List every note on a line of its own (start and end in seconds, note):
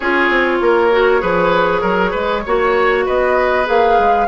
0.00 0.29 C#4
0.00 0.91 F4
0.00 0.57 G#4
0.00 3.05 C#5
0.29 0.60 C4
0.61 1.22 A#3
0.61 1.21 A#4
0.91 1.20 F#4
1.20 1.82 F3
1.20 2.42 G#4
1.20 1.81 B4
1.81 2.13 F#3
1.81 2.10 A#4
2.10 2.45 G#3
2.10 2.41 B4
2.45 3.07 A#3
2.45 3.65 F#4
2.45 3.05 C#5
3.05 3.68 B3
3.05 4.27 B4
3.05 3.67 D#5
3.65 3.98 A#3
3.65 4.26 G#4
3.65 4.27 F5
3.98 4.27 G#3